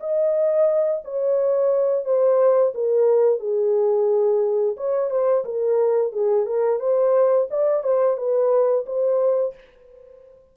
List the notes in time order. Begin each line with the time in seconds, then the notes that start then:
0.00 D#5
1.04 C#5
2.05 C5
2.74 A#4
3.40 G#4
4.77 C#5
5.10 C5
5.45 A#4
6.12 G#4
6.46 A#4
6.80 C5
7.50 D5
7.83 C5
8.17 B4
8.86 C5